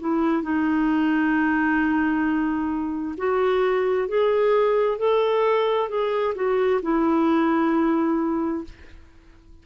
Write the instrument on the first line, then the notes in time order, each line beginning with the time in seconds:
clarinet
0.00 E4
0.43 D#4
3.17 F#4
4.09 G#4
4.99 A4
5.89 G#4
6.36 F#4
6.83 E4